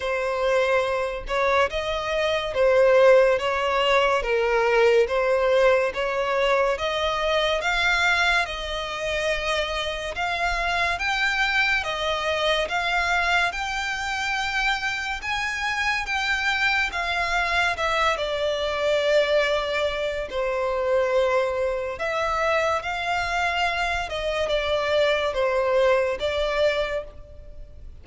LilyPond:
\new Staff \with { instrumentName = "violin" } { \time 4/4 \tempo 4 = 71 c''4. cis''8 dis''4 c''4 | cis''4 ais'4 c''4 cis''4 | dis''4 f''4 dis''2 | f''4 g''4 dis''4 f''4 |
g''2 gis''4 g''4 | f''4 e''8 d''2~ d''8 | c''2 e''4 f''4~ | f''8 dis''8 d''4 c''4 d''4 | }